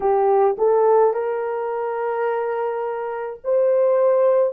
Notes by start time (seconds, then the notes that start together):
0.00 G4
0.58 A4
1.13 A#4
3.44 C5